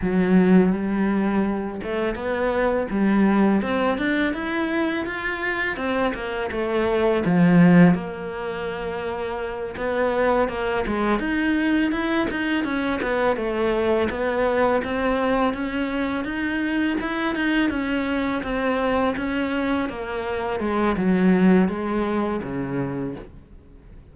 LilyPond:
\new Staff \with { instrumentName = "cello" } { \time 4/4 \tempo 4 = 83 fis4 g4. a8 b4 | g4 c'8 d'8 e'4 f'4 | c'8 ais8 a4 f4 ais4~ | ais4. b4 ais8 gis8 dis'8~ |
dis'8 e'8 dis'8 cis'8 b8 a4 b8~ | b8 c'4 cis'4 dis'4 e'8 | dis'8 cis'4 c'4 cis'4 ais8~ | ais8 gis8 fis4 gis4 cis4 | }